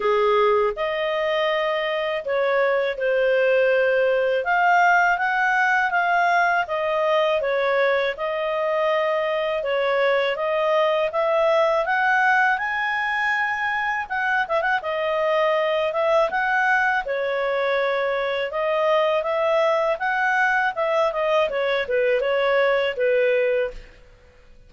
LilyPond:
\new Staff \with { instrumentName = "clarinet" } { \time 4/4 \tempo 4 = 81 gis'4 dis''2 cis''4 | c''2 f''4 fis''4 | f''4 dis''4 cis''4 dis''4~ | dis''4 cis''4 dis''4 e''4 |
fis''4 gis''2 fis''8 e''16 fis''16 | dis''4. e''8 fis''4 cis''4~ | cis''4 dis''4 e''4 fis''4 | e''8 dis''8 cis''8 b'8 cis''4 b'4 | }